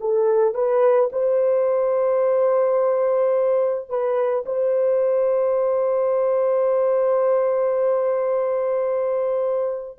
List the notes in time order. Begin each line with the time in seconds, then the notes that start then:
0.00 A4
0.54 B4
1.12 C5
3.89 B4
4.45 C5